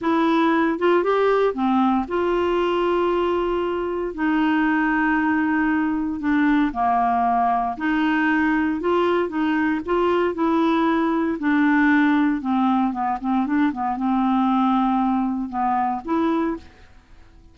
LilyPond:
\new Staff \with { instrumentName = "clarinet" } { \time 4/4 \tempo 4 = 116 e'4. f'8 g'4 c'4 | f'1 | dis'1 | d'4 ais2 dis'4~ |
dis'4 f'4 dis'4 f'4 | e'2 d'2 | c'4 b8 c'8 d'8 b8 c'4~ | c'2 b4 e'4 | }